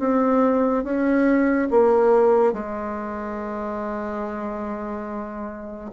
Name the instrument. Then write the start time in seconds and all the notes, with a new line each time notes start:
bassoon
0.00 C4
0.85 C#4
1.71 A#3
2.54 G#3